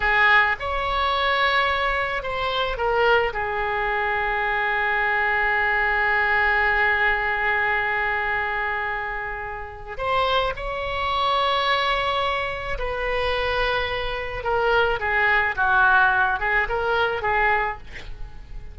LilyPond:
\new Staff \with { instrumentName = "oboe" } { \time 4/4 \tempo 4 = 108 gis'4 cis''2. | c''4 ais'4 gis'2~ | gis'1~ | gis'1~ |
gis'2 c''4 cis''4~ | cis''2. b'4~ | b'2 ais'4 gis'4 | fis'4. gis'8 ais'4 gis'4 | }